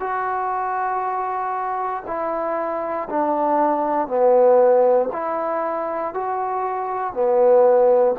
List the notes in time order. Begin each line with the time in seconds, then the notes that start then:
0.00 F#4
2.07 E4
3.10 D4
4.08 B3
5.12 E4
6.14 F#4
7.14 B3